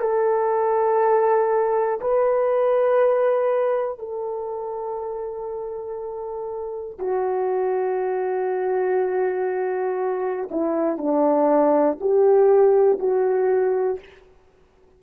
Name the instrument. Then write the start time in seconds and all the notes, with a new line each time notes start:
horn
0.00 A4
2.00 B4
3.99 A4
6.99 F#4
10.51 E4
10.98 D4
12.00 G4
12.99 F#4